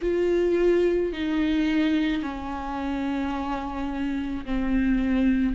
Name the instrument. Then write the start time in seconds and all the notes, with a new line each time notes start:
viola
0.01 F4
1.13 D#4
2.22 C#4
4.44 C4